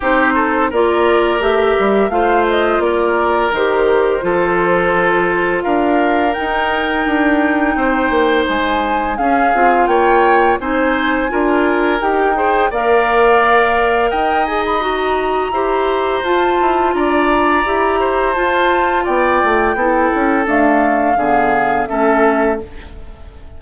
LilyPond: <<
  \new Staff \with { instrumentName = "flute" } { \time 4/4 \tempo 4 = 85 c''4 d''4 e''4 f''8 dis''8 | d''4 c''2. | f''4 g''2. | gis''4 f''4 g''4 gis''4~ |
gis''4 g''4 f''2 | g''8 gis''16 b''16 ais''2 a''4 | ais''2 a''4 g''4~ | g''4 f''2 e''4 | }
  \new Staff \with { instrumentName = "oboe" } { \time 4/4 g'8 a'8 ais'2 c''4 | ais'2 a'2 | ais'2. c''4~ | c''4 gis'4 cis''4 c''4 |
ais'4. c''8 d''2 | dis''2 c''2 | d''4. c''4. d''4 | a'2 gis'4 a'4 | }
  \new Staff \with { instrumentName = "clarinet" } { \time 4/4 dis'4 f'4 g'4 f'4~ | f'4 g'4 f'2~ | f'4 dis'2.~ | dis'4 cis'8 f'4. dis'4 |
f'4 g'8 gis'8 ais'2~ | ais'8 gis'8 fis'4 g'4 f'4~ | f'4 g'4 f'2 | e'4 a4 b4 cis'4 | }
  \new Staff \with { instrumentName = "bassoon" } { \time 4/4 c'4 ais4 a8 g8 a4 | ais4 dis4 f2 | d'4 dis'4 d'4 c'8 ais8 | gis4 cis'8 c'8 ais4 c'4 |
d'4 dis'4 ais2 | dis'2 e'4 f'8 e'8 | d'4 e'4 f'4 b8 a8 | b8 cis'8 d'4 d4 a4 | }
>>